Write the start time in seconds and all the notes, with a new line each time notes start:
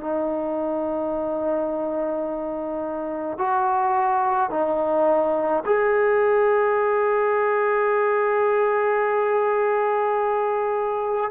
0.00 D#4
3.38 F#4
4.50 D#4
5.65 G#4